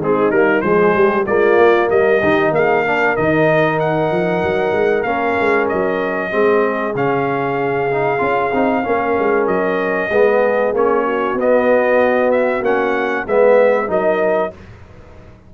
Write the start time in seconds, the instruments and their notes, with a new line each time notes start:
0.00 tuba G#3, trombone C4, horn D#4, trumpet G#4
0.31 tuba G3, trombone A#3, trumpet A#4
0.61 tuba F3, trombone G#3, horn G#4, trumpet C5
0.95 tuba G3, horn G4
1.26 tuba G#3, trombone A#3, horn F4, trumpet D5
1.57 tuba A#3
1.90 tuba G3, horn A#4, trumpet D#5
2.20 tuba D#3, trombone D#4, horn G4
2.51 tuba A#3, horn G#4, trumpet F5
2.83 trombone D4, horn A#4
3.16 tuba D#3, trombone D#4, trumpet D#5
3.80 trumpet F#5
4.11 tuba F3
4.43 tuba F#3
4.72 tuba G#3
5.03 tuba A#3, trombone C#4, trumpet F5
5.40 tuba G#3
5.69 tuba F#3, trumpet D#5
6.30 tuba G#3, trombone C4, horn G#4
6.95 tuba C#3, trombone C#4, trumpet F5
7.91 trombone D#4
8.19 tuba C#4, trombone F4
8.53 tuba C4, trombone D#4
8.84 tuba A#3, trombone C#4, horn A#4
9.19 tuba G#3
9.47 tuba F#3, trumpet D#5
10.10 tuba G#3, trombone B3, horn G#4
10.73 tuba A#3, trombone C#4, trumpet C#5
11.04 horn F#4
11.34 tuba B3, trombone B3, trumpet D#5
12.31 trumpet E5
12.62 tuba A#3, trombone C#4, trumpet F#5
13.26 tuba G#3, trombone B3, horn B4, trumpet E5
13.87 tuba F#3, trombone D#4, horn A#4, trumpet D#5